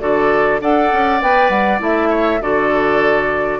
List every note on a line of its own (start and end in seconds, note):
0.00 0.60 D3
0.00 0.60 F#4
0.00 0.61 A4
0.00 0.60 D5
0.60 0.90 D4
0.60 1.21 A4
0.60 2.09 D5
0.60 1.21 F#5
0.92 1.22 C#4
1.21 1.49 B3
1.21 1.79 B4
1.21 1.49 G5
1.49 1.79 G3
1.49 1.79 F#5
1.79 2.40 A3
1.79 2.39 E4
1.79 2.42 E5
2.09 2.39 C#5
2.40 3.59 D3
2.40 3.59 F#4
2.40 3.59 A4
2.40 3.59 D5